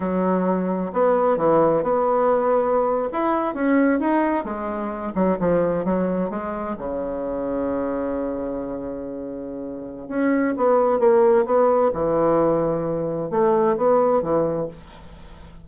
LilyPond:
\new Staff \with { instrumentName = "bassoon" } { \time 4/4 \tempo 4 = 131 fis2 b4 e4 | b2~ b8. e'4 cis'16~ | cis'8. dis'4 gis4. fis8 f16~ | f8. fis4 gis4 cis4~ cis16~ |
cis1~ | cis2 cis'4 b4 | ais4 b4 e2~ | e4 a4 b4 e4 | }